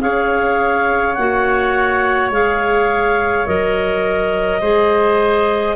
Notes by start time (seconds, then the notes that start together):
0.00 C#4 G#4 C#5 F5
1.14 A#3 F#4 F#5
2.30 G#3 G#4 F5
3.46 F#3 A#4 D#5
4.61 G#3 G#4 C5